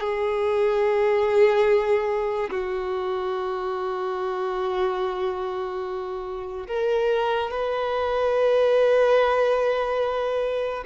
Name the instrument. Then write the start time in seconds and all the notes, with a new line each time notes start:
violin
0.00 G#4
2.50 F#4
6.67 A#4
7.50 B4